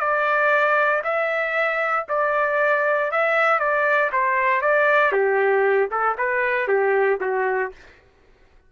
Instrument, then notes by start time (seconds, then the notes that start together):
trumpet
0.00 D5
1.04 E5
2.09 D5
3.11 E5
3.59 D5
4.12 C5
4.62 D5
5.12 G4
5.91 A4
6.18 B4
6.68 G4
7.21 F#4